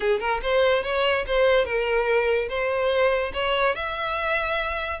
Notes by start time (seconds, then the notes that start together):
0.00 G#4
0.20 A#4
0.42 C5
0.83 C#5
1.26 C5
1.65 A#4
2.48 C5
3.33 C#5
3.75 E5